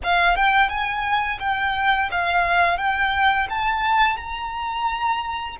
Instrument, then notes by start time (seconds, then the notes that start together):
violin
0.03 F5
0.36 G5
0.69 G#5
1.39 G5
2.11 F5
2.77 G5
3.49 A5
4.16 A#5